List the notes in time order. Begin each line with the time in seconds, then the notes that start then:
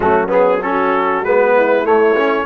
0.00 F#3 A3 C#4 F#4
0.28 B3 G#4
0.62 C#4 F#4 A4
1.22 G#3 B3 B4
1.55 E4
1.83 A3 C#5
2.16 C#4